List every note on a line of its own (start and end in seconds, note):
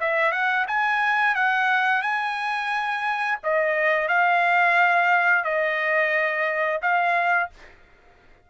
0.00 0.31 E5
0.31 0.65 F#5
0.67 1.35 G#5
1.35 2.02 F#5
2.02 3.38 G#5
3.43 4.08 D#5
4.08 5.44 F5
5.44 6.80 D#5
6.82 7.50 F5